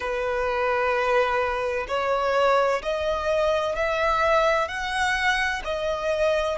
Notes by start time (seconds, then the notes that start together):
0.00 B4
1.87 C#5
2.82 D#5
3.75 E5
4.68 F#5
5.64 D#5